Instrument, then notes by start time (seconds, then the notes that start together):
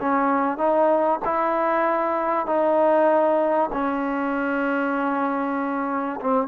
trombone
0.00 C#4
0.57 D#4
1.24 E4
2.46 D#4
3.72 C#4
6.20 C4